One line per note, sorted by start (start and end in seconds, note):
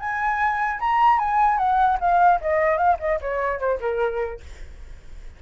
0.00 0.80 G#5
0.80 1.19 A#5
1.19 1.58 G#5
1.58 1.98 F#5
2.01 2.41 F5
2.41 2.78 D#5
2.78 2.98 F5
3.00 3.20 D#5
3.21 3.60 C#5
3.60 3.80 C5
3.81 4.41 A#4